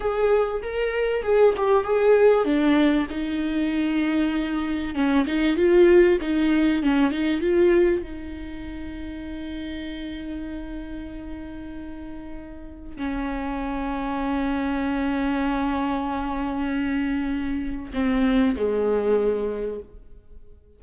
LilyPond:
\new Staff \with { instrumentName = "viola" } { \time 4/4 \tempo 4 = 97 gis'4 ais'4 gis'8 g'8 gis'4 | d'4 dis'2. | cis'8 dis'8 f'4 dis'4 cis'8 dis'8 | f'4 dis'2.~ |
dis'1~ | dis'4 cis'2.~ | cis'1~ | cis'4 c'4 gis2 | }